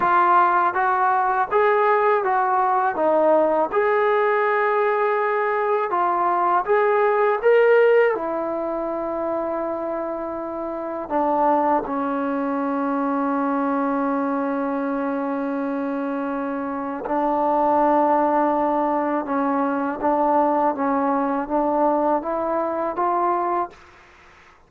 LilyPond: \new Staff \with { instrumentName = "trombone" } { \time 4/4 \tempo 4 = 81 f'4 fis'4 gis'4 fis'4 | dis'4 gis'2. | f'4 gis'4 ais'4 e'4~ | e'2. d'4 |
cis'1~ | cis'2. d'4~ | d'2 cis'4 d'4 | cis'4 d'4 e'4 f'4 | }